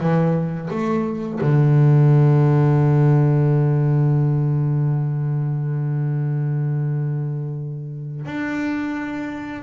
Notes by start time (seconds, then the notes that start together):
0.00 E3
0.70 A3
1.40 D3
8.25 D4